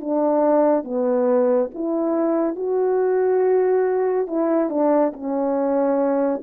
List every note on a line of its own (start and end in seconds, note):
0.00 0.84 D4
0.84 1.69 B3
1.74 2.56 E4
2.56 4.27 F#4
4.27 4.69 E4
4.69 5.12 D4
5.13 6.41 C#4